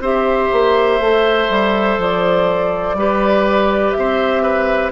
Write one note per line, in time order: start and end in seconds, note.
0.00 0.49 C4
0.00 1.01 G4
0.00 2.97 C5
0.00 2.01 E5
0.52 1.00 A#3
1.00 1.49 A3
1.00 2.98 A4
1.49 1.98 G3
1.98 2.94 F3
1.98 3.92 D5
2.94 3.92 G3
2.94 4.92 G4
2.94 3.97 B4
3.92 4.92 C4
3.92 4.90 E5
3.99 4.43 C5
4.43 4.92 B4